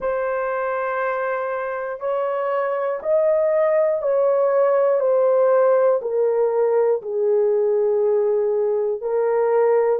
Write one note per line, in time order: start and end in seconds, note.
0.00 2.00 C5
2.00 3.00 C#5
3.02 4.02 D#5
4.02 5.00 C#5
5.00 6.00 C5
6.01 7.01 A#4
7.01 9.00 G#4
9.00 10.00 A#4